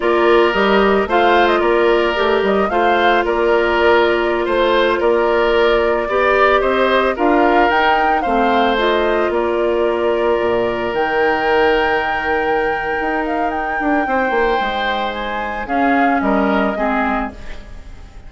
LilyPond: <<
  \new Staff \with { instrumentName = "flute" } { \time 4/4 \tempo 4 = 111 d''4 dis''4 f''8. dis''16 d''4~ | d''8 dis''8 f''4 d''2~ | d''16 c''4 d''2~ d''8.~ | d''16 dis''4 f''4 g''4 f''8.~ |
f''16 dis''4 d''2~ d''8.~ | d''16 g''2.~ g''8.~ | g''8 f''8 g''2. | gis''4 f''4 dis''2 | }
  \new Staff \with { instrumentName = "oboe" } { \time 4/4 ais'2 c''4 ais'4~ | ais'4 c''4 ais'2~ | ais'16 c''4 ais'2 d''8.~ | d''16 c''4 ais'2 c''8.~ |
c''4~ c''16 ais'2~ ais'8.~ | ais'1~ | ais'2 c''2~ | c''4 gis'4 ais'4 gis'4 | }
  \new Staff \with { instrumentName = "clarinet" } { \time 4/4 f'4 g'4 f'2 | g'4 f'2.~ | f'2.~ f'16 g'8.~ | g'4~ g'16 f'4 dis'4 c'8.~ |
c'16 f'2.~ f'8.~ | f'16 dis'2.~ dis'8.~ | dis'1~ | dis'4 cis'2 c'4 | }
  \new Staff \with { instrumentName = "bassoon" } { \time 4/4 ais4 g4 a4 ais4 | a8 g8 a4 ais2~ | ais16 a4 ais2 b8.~ | b16 c'4 d'4 dis'4 a8.~ |
a4~ a16 ais2 ais,8.~ | ais,16 dis2.~ dis8. | dis'4. d'8 c'8 ais8 gis4~ | gis4 cis'4 g4 gis4 | }
>>